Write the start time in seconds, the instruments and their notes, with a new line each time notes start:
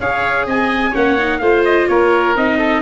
0.00 tuba C#4, viola G#4, oboe C#5, trumpet F5
0.46 tuba C4, oboe D#5, trumpet G#5
0.91 tuba A#3, viola C#4, oboe C#5, trumpet F#5
1.18 viola D#4
1.39 tuba A3, viola F4, oboe C5, trumpet F5
1.65 trumpet D#5
1.88 tuba A#3, oboe A#4, trumpet C#5
2.36 tuba C4, viola D#4, trumpet D#5
2.58 oboe A4